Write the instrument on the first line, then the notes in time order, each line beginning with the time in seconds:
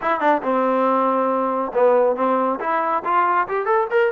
trombone
0.01 E4
0.19 D4
0.42 C4
1.74 B3
2.15 C4
2.60 E4
3.04 F4
3.47 G4
3.65 A4
3.90 A#4